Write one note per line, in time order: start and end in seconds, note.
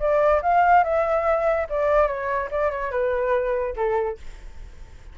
0.00 0.42 D5
0.43 0.84 F5
0.84 1.68 E5
1.70 2.08 D5
2.08 2.49 C#5
2.51 2.71 D5
2.71 2.91 C#5
2.91 3.75 B4
3.77 4.18 A4